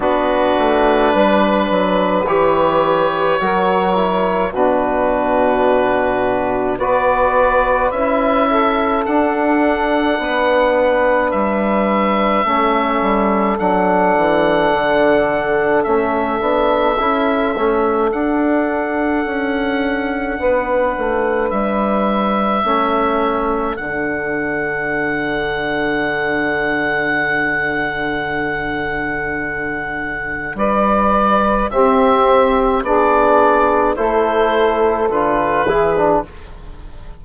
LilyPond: <<
  \new Staff \with { instrumentName = "oboe" } { \time 4/4 \tempo 4 = 53 b'2 cis''2 | b'2 d''4 e''4 | fis''2 e''2 | fis''2 e''2 |
fis''2. e''4~ | e''4 fis''2.~ | fis''2. d''4 | e''4 d''4 c''4 b'4 | }
  \new Staff \with { instrumentName = "saxophone" } { \time 4/4 fis'4 b'2 ais'4 | fis'2 b'4. a'8~ | a'4 b'2 a'4~ | a'1~ |
a'2 b'2 | a'1~ | a'2. b'4 | g'4 gis'4 a'4. gis'8 | }
  \new Staff \with { instrumentName = "trombone" } { \time 4/4 d'2 g'4 fis'8 e'8 | d'2 fis'4 e'4 | d'2. cis'4 | d'2 cis'8 d'8 e'8 cis'8 |
d'1 | cis'4 d'2.~ | d'1 | c'4 d'4 e'4 f'8 e'16 d'16 | }
  \new Staff \with { instrumentName = "bassoon" } { \time 4/4 b8 a8 g8 fis8 e4 fis4 | b,2 b4 cis'4 | d'4 b4 g4 a8 g8 | fis8 e8 d4 a8 b8 cis'8 a8 |
d'4 cis'4 b8 a8 g4 | a4 d2.~ | d2. g4 | c'4 b4 a4 d8 e8 | }
>>